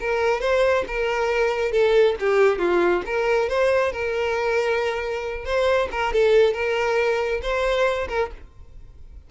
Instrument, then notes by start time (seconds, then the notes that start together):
violin
0.00 A#4
0.40 C5
0.87 A#4
1.71 A4
2.20 G4
2.58 F4
3.06 A#4
3.49 C5
3.92 A#4
5.45 C5
5.91 A#4
6.13 A4
6.53 A#4
7.42 C5
8.08 A#4